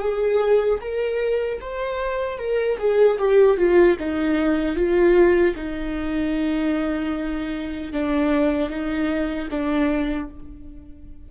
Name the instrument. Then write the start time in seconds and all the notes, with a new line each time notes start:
viola
0.00 G#4
0.80 A#4
1.61 C5
2.38 A#4
2.78 G#4
3.18 G4
3.57 F4
3.99 D#4
4.76 F4
5.55 D#4
7.92 D4
8.69 D#4
9.50 D4